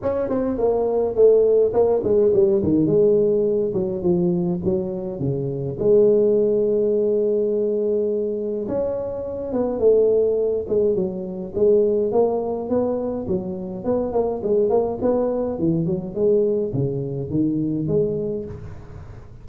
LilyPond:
\new Staff \with { instrumentName = "tuba" } { \time 4/4 \tempo 4 = 104 cis'8 c'8 ais4 a4 ais8 gis8 | g8 dis8 gis4. fis8 f4 | fis4 cis4 gis2~ | gis2. cis'4~ |
cis'8 b8 a4. gis8 fis4 | gis4 ais4 b4 fis4 | b8 ais8 gis8 ais8 b4 e8 fis8 | gis4 cis4 dis4 gis4 | }